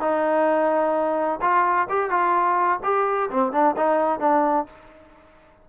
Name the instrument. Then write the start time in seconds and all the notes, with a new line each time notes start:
trombone
0.00 D#4
1.41 F4
1.89 G4
2.10 F4
2.83 G4
3.30 C4
3.52 D4
3.76 D#4
4.19 D4